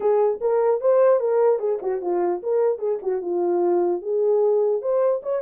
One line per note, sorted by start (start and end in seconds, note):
0.00 0.39 G#4
0.41 0.81 A#4
0.81 1.19 C5
1.19 1.59 A#4
1.59 1.79 G#4
1.81 2.01 F#4
2.01 2.41 F4
2.42 2.79 A#4
2.79 2.99 G#4
3.02 3.21 F#4
3.21 4.01 F4
4.01 4.81 G#4
4.81 5.21 C5
5.22 5.41 C#5